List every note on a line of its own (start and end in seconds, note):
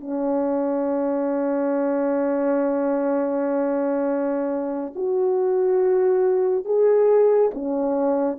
0.00 4.93 C#4
4.95 6.65 F#4
6.65 7.51 G#4
7.54 8.39 C#4